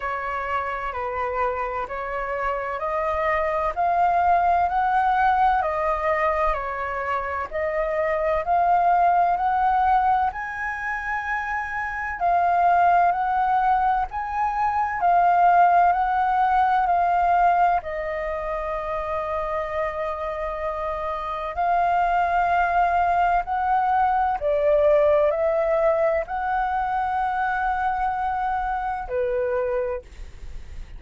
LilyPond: \new Staff \with { instrumentName = "flute" } { \time 4/4 \tempo 4 = 64 cis''4 b'4 cis''4 dis''4 | f''4 fis''4 dis''4 cis''4 | dis''4 f''4 fis''4 gis''4~ | gis''4 f''4 fis''4 gis''4 |
f''4 fis''4 f''4 dis''4~ | dis''2. f''4~ | f''4 fis''4 d''4 e''4 | fis''2. b'4 | }